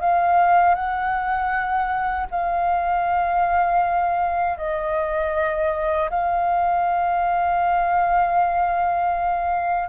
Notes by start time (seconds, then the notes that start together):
0.00 F5
0.75 F#5
2.31 F5
4.57 D#5
6.10 F5